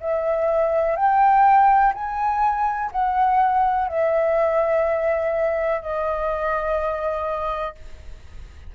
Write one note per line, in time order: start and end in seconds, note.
0.00 0.96 E5
0.96 1.93 G5
1.94 2.91 G#5
2.92 3.88 F#5
3.88 5.82 E5
5.82 7.75 D#5